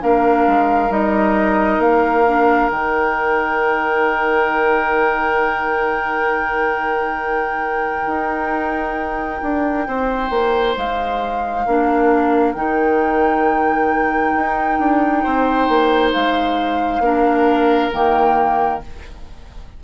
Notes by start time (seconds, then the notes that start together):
0.00 A#3 D4 A#4 F5
0.46 G#3
0.89 G3 D#4 D#5
1.78 A#3 F5
2.26 D4
2.70 D#3 D#4 G5
8.06 D#4
9.42 D4
9.87 C4 C5
10.30 A#3
10.76 G#3 F5
11.65 A#3 D4 A#4
12.52 D#3 D#4 G5
14.35 D#4
14.79 D4
15.23 C4 C5
15.68 A#3
16.12 G#3 F5
16.99 A#3 D4 A#4
17.91 D#3 A#3 G5